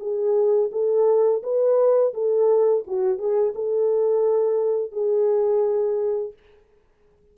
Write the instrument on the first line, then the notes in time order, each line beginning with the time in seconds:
horn
0.00 G#4
0.72 A4
1.43 B4
2.14 A4
2.87 F#4
3.19 G#4
3.55 A4
4.92 G#4